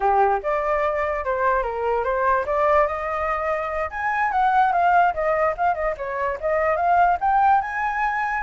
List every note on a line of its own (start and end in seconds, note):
0.00 0.41 G4
0.42 1.24 D5
1.24 1.62 C5
1.62 2.03 A#4
2.04 2.45 C5
2.46 2.87 D5
2.87 3.89 D#5
3.90 4.31 G#5
4.31 4.72 F#5
4.72 5.13 F5
5.14 5.55 D#5
5.57 5.74 F5
5.74 5.94 D#5
5.97 6.38 C#5
6.40 6.76 D#5
6.76 7.17 F5
7.20 7.61 G5
7.61 8.43 G#5